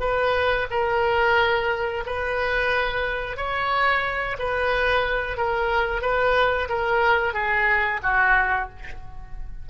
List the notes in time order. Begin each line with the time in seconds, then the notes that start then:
0.00 B4
0.71 A#4
2.06 B4
3.37 C#5
4.38 B4
5.37 A#4
6.02 B4
6.68 A#4
7.34 G#4
8.03 F#4